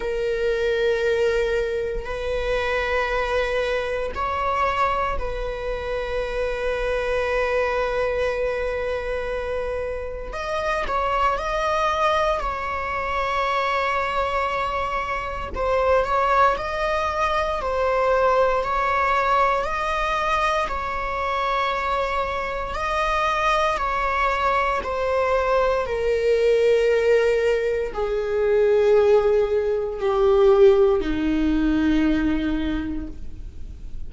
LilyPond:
\new Staff \with { instrumentName = "viola" } { \time 4/4 \tempo 4 = 58 ais'2 b'2 | cis''4 b'2.~ | b'2 dis''8 cis''8 dis''4 | cis''2. c''8 cis''8 |
dis''4 c''4 cis''4 dis''4 | cis''2 dis''4 cis''4 | c''4 ais'2 gis'4~ | gis'4 g'4 dis'2 | }